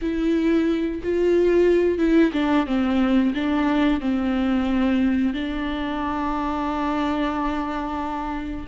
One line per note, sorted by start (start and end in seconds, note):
0.01 1.01 E4
1.03 1.98 F4
1.98 2.31 E4
2.32 2.66 D4
2.66 3.33 C4
3.34 4.00 D4
4.00 5.33 C4
5.33 8.66 D4